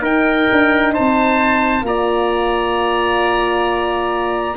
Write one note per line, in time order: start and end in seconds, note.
0.00 1.82 D#4
0.00 0.47 D#4
0.00 0.93 A#4
0.00 0.94 G5
0.52 0.97 D4
0.93 1.82 C4
0.93 1.84 C5
0.93 1.85 A5
1.82 4.55 A#3
1.82 4.57 F4
1.82 4.57 D5
1.82 4.57 A#5